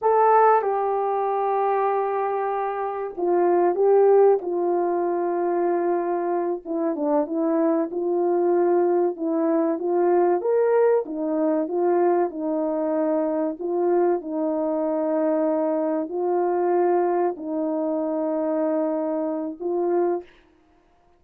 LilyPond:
\new Staff \with { instrumentName = "horn" } { \time 4/4 \tempo 4 = 95 a'4 g'2.~ | g'4 f'4 g'4 f'4~ | f'2~ f'8 e'8 d'8 e'8~ | e'8 f'2 e'4 f'8~ |
f'8 ais'4 dis'4 f'4 dis'8~ | dis'4. f'4 dis'4.~ | dis'4. f'2 dis'8~ | dis'2. f'4 | }